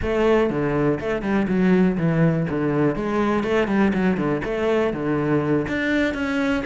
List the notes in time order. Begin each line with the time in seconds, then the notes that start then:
0.02 A3
0.49 D3
0.99 A3
1.22 G3
1.48 F#3
1.97 E3
2.49 D3
2.95 G#3
3.43 A3
3.67 G3
3.93 F#3
4.17 D3
4.44 A3
4.93 D3
5.67 D4
6.13 C#4